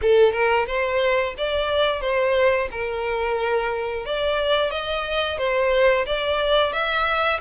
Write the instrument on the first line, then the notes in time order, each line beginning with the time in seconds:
violin
0.01 A4
0.32 A#4
0.66 C5
1.37 D5
2.00 C5
2.71 A#4
4.05 D5
4.70 D#5
5.37 C5
6.06 D5
6.72 E5